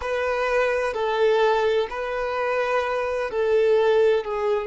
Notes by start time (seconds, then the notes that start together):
0.01 B4
0.93 A4
1.90 B4
3.30 A4
4.24 G#4